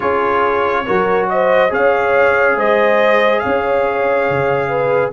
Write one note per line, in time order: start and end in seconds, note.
0.00 0.87 C#4
0.00 0.85 F4
0.00 0.84 G#4
0.00 1.28 C#5
0.86 1.71 F#3
0.86 1.69 F#4
0.86 1.29 A#4
1.29 1.71 C5
1.29 1.72 D#5
1.69 2.56 C#4
1.69 5.12 G#4
1.69 2.56 C#5
1.69 2.59 F5
2.56 3.41 G#3
2.56 3.42 C5
2.56 3.39 D#5
3.39 4.68 C#5
3.39 5.10 F5
3.45 4.29 C#4
4.29 5.12 C#3
4.68 5.11 B4